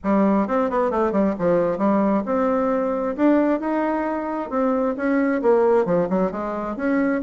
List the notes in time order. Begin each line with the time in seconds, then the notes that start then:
0.03 G3
0.47 C4
0.70 B3
0.90 A3
1.12 G3
1.38 F3
1.78 G3
2.25 C4
3.16 D4
3.60 D#4
4.50 C4
4.96 C#4
5.42 A#3
5.85 F3
6.09 F#3
6.31 G#3
6.76 C#4